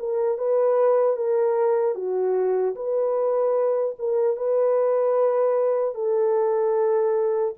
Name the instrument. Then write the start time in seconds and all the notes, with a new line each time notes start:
horn
0.00 A#4
0.38 B4
1.17 A#4
1.95 F#4
2.76 B4
3.99 A#4
4.37 B4
5.95 A4